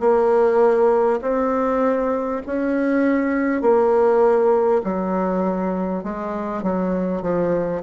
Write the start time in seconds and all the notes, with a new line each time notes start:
0.00 A#3
1.22 C4
2.46 C#4
3.61 A#3
4.84 F#3
6.03 G#3
6.62 F#3
7.22 F3